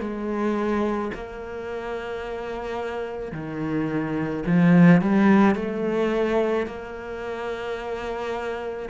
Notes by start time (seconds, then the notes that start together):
0.00 G#3
1.14 A#3
3.32 D#3
4.46 F3
5.01 G3
5.56 A3
6.67 A#3